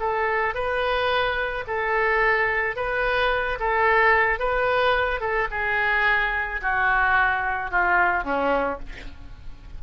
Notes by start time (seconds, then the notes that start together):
0.00 A4
0.55 B4
1.68 A4
2.76 B4
3.60 A4
4.40 B4
5.21 A4
5.51 G#4
6.62 F#4
7.71 F4
8.24 C#4